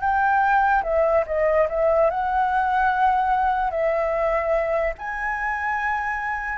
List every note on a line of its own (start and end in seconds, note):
0.00 0.82 G5
0.83 1.24 E5
1.26 1.67 D#5
1.68 2.10 E5
2.10 3.70 F#5
3.70 4.94 E5
4.98 6.58 G#5